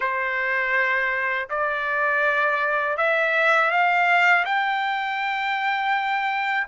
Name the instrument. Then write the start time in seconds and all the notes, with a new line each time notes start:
trumpet
0.00 C5
1.49 D5
2.97 E5
3.70 F5
4.45 G5